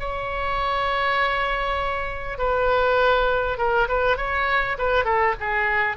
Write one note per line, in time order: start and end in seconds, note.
0.00 2.38 C#5
2.38 3.58 B4
3.58 3.88 A#4
3.88 4.17 B4
4.17 4.77 C#5
4.78 5.05 B4
5.05 5.35 A4
5.41 5.97 G#4